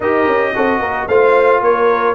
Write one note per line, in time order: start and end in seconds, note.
0.00 0.27 D#4
0.00 0.55 G4
0.00 0.52 A#4
0.00 1.08 D#5
0.27 0.54 C#4
0.55 0.79 C4
0.55 1.09 F#4
0.55 0.80 A4
0.79 1.06 A#3
0.79 1.07 A#4
1.07 1.61 A3
1.07 2.15 F4
1.07 1.61 C5
1.07 1.62 F5
1.61 2.15 A#3
1.61 2.15 A#4
1.61 2.15 C#5